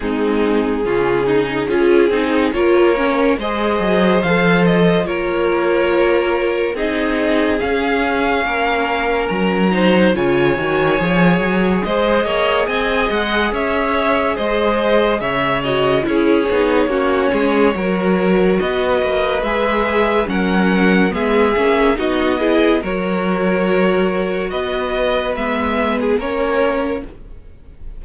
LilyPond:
<<
  \new Staff \with { instrumentName = "violin" } { \time 4/4 \tempo 4 = 71 gis'2. cis''4 | dis''4 f''8 dis''8 cis''2 | dis''4 f''2 ais''4 | gis''2 dis''4 gis''8 fis''8 |
e''4 dis''4 e''8 dis''8 cis''4~ | cis''2 dis''4 e''4 | fis''4 e''4 dis''4 cis''4~ | cis''4 dis''4 e''8. gis'16 cis''4 | }
  \new Staff \with { instrumentName = "violin" } { \time 4/4 dis'4 f'8 dis'8 gis'4 ais'4 | c''2 ais'2 | gis'2 ais'4. c''8 | cis''2 c''8 cis''8 dis''4 |
cis''4 c''4 cis''4 gis'4 | fis'8 gis'8 ais'4 b'2 | ais'4 gis'4 fis'8 gis'8 ais'4~ | ais'4 b'2 ais'4 | }
  \new Staff \with { instrumentName = "viola" } { \time 4/4 c'4 cis'8 dis'8 f'8 dis'8 f'8 cis'8 | gis'4 a'4 f'2 | dis'4 cis'2~ cis'8 dis'8 | f'8 fis'8 gis'2.~ |
gis'2~ gis'8 fis'8 e'8 dis'8 | cis'4 fis'2 gis'4 | cis'4 b8 cis'8 dis'8 e'8 fis'4~ | fis'2 b4 cis'4 | }
  \new Staff \with { instrumentName = "cello" } { \time 4/4 gis4 cis4 cis'8 c'8 ais4 | gis8 fis8 f4 ais2 | c'4 cis'4 ais4 fis4 | cis8 dis8 f8 fis8 gis8 ais8 c'8 gis8 |
cis'4 gis4 cis4 cis'8 b8 | ais8 gis8 fis4 b8 ais8 gis4 | fis4 gis8 ais8 b4 fis4~ | fis4 b4 gis4 ais4 | }
>>